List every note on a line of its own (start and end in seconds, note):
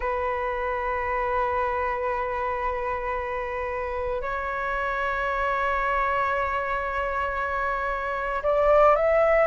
0.00 4.21 B4
4.21 8.42 C#5
8.43 8.95 D5
8.95 9.47 E5